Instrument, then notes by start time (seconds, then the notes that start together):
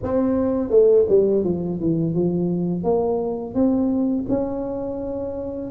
tuba
0.02 C4
0.69 A3
1.08 G3
1.44 F3
1.80 E3
2.14 F3
2.83 A#3
3.54 C4
4.29 C#4